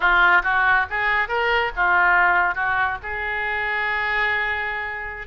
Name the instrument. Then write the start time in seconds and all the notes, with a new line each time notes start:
oboe
0.00 F4
0.43 F#4
0.90 G#4
1.28 A#4
1.76 F4
2.54 F#4
3.02 G#4